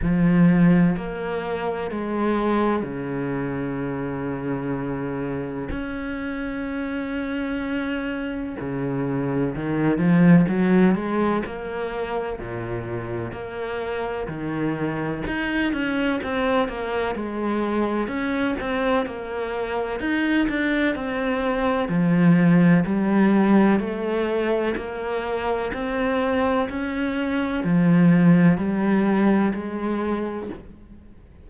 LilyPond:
\new Staff \with { instrumentName = "cello" } { \time 4/4 \tempo 4 = 63 f4 ais4 gis4 cis4~ | cis2 cis'2~ | cis'4 cis4 dis8 f8 fis8 gis8 | ais4 ais,4 ais4 dis4 |
dis'8 cis'8 c'8 ais8 gis4 cis'8 c'8 | ais4 dis'8 d'8 c'4 f4 | g4 a4 ais4 c'4 | cis'4 f4 g4 gis4 | }